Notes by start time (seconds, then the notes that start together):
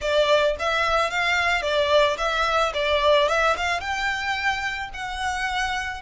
0.01 D5
0.59 E5
1.10 F5
1.62 D5
2.17 E5
2.73 D5
3.28 E5
3.56 F5
3.80 G5
4.93 F#5